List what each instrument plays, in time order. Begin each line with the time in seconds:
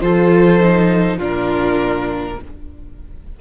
0.00 cello F3, viola F4, violin A4 C5
0.59 viola D#4
1.17 cello A#2, viola D4, violin F4 A#4